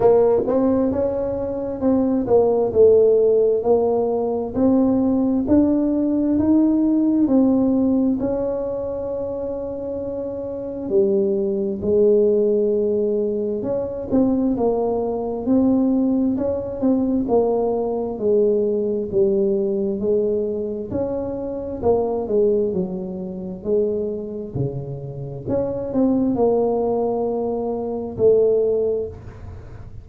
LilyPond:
\new Staff \with { instrumentName = "tuba" } { \time 4/4 \tempo 4 = 66 ais8 c'8 cis'4 c'8 ais8 a4 | ais4 c'4 d'4 dis'4 | c'4 cis'2. | g4 gis2 cis'8 c'8 |
ais4 c'4 cis'8 c'8 ais4 | gis4 g4 gis4 cis'4 | ais8 gis8 fis4 gis4 cis4 | cis'8 c'8 ais2 a4 | }